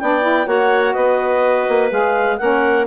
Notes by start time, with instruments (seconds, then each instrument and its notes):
0.00 bassoon B3, saxophone D4, clarinet D5 G5
0.22 saxophone E4
0.46 bassoon A#3, saxophone F#4, clarinet C#5 F#5
0.94 bassoon B3, clarinet B4 D#5
1.69 bassoon A#3
1.91 bassoon G#3, saxophone G#4, clarinet F5
2.38 bassoon A#3, saxophone C#4, clarinet A#4 F#5